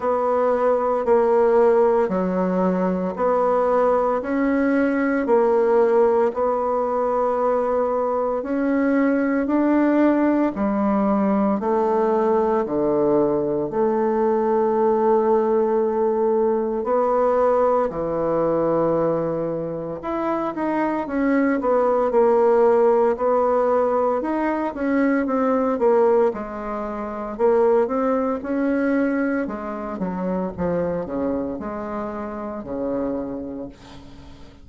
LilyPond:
\new Staff \with { instrumentName = "bassoon" } { \time 4/4 \tempo 4 = 57 b4 ais4 fis4 b4 | cis'4 ais4 b2 | cis'4 d'4 g4 a4 | d4 a2. |
b4 e2 e'8 dis'8 | cis'8 b8 ais4 b4 dis'8 cis'8 | c'8 ais8 gis4 ais8 c'8 cis'4 | gis8 fis8 f8 cis8 gis4 cis4 | }